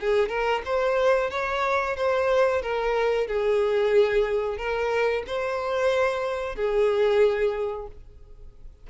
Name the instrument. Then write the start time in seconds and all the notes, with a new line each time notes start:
violin
0.00 G#4
0.29 A#4
0.66 C5
1.31 C#5
1.97 C5
2.62 A#4
3.27 G#4
4.58 A#4
5.27 C5
6.56 G#4